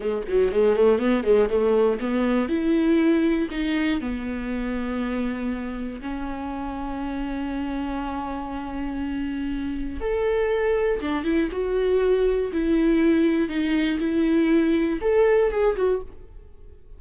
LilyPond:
\new Staff \with { instrumentName = "viola" } { \time 4/4 \tempo 4 = 120 gis8 fis8 gis8 a8 b8 gis8 a4 | b4 e'2 dis'4 | b1 | cis'1~ |
cis'1 | a'2 d'8 e'8 fis'4~ | fis'4 e'2 dis'4 | e'2 a'4 gis'8 fis'8 | }